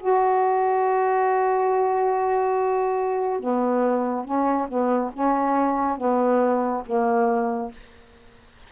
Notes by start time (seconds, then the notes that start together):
0.00 F#4
3.40 B3
4.25 C#4
4.68 B3
5.14 C#4
5.98 B3
6.86 A#3